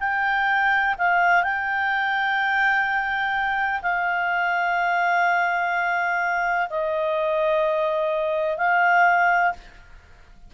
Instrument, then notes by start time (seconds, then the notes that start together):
clarinet
0.00 G5
0.98 F5
1.43 G5
3.83 F5
6.70 D#5
8.58 F5